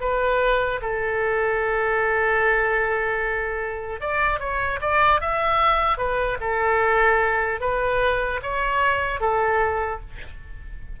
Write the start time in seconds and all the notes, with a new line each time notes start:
0.00 B4
0.81 A4
4.00 D5
4.39 C#5
4.80 D5
5.20 E5
5.97 B4
6.40 A4
7.60 B4
8.42 C#5
9.20 A4